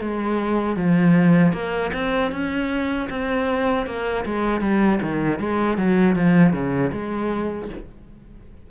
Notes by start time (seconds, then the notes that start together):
0.00 G#3
0.76 F3
1.52 A#3
1.93 C4
2.31 C#4
3.09 C4
3.86 A#3
4.25 G#3
4.60 G3
5.02 D#3
5.39 G#3
5.77 F#3
6.15 F3
6.52 C#3
6.92 G#3